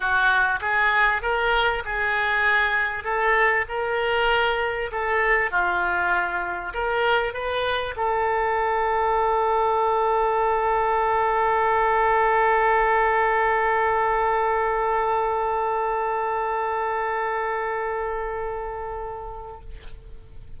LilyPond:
\new Staff \with { instrumentName = "oboe" } { \time 4/4 \tempo 4 = 98 fis'4 gis'4 ais'4 gis'4~ | gis'4 a'4 ais'2 | a'4 f'2 ais'4 | b'4 a'2.~ |
a'1~ | a'1~ | a'1~ | a'1 | }